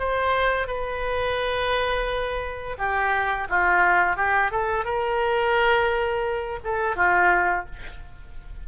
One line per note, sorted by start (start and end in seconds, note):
0.00 0.68 C5
0.68 2.77 B4
2.78 3.48 G4
3.49 4.17 F4
4.17 4.52 G4
4.52 4.86 A4
4.86 6.60 A#4
6.64 6.96 A4
6.96 7.66 F4